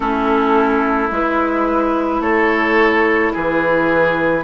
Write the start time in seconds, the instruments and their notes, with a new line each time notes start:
0.00 bassoon A3, clarinet C#4, oboe E4, flute A4
1.10 bassoon G#3, clarinet E4, flute B4
2.20 bassoon A3, oboe A4, flute C#5
3.32 bassoon E3, oboe G#4, flute B4